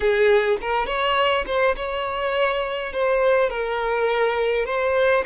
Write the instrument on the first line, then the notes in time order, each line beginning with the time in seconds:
violin
0.00 G#4
0.61 A#4
0.86 C#5
1.46 C5
1.76 C#5
2.92 C5
3.50 A#4
4.65 C5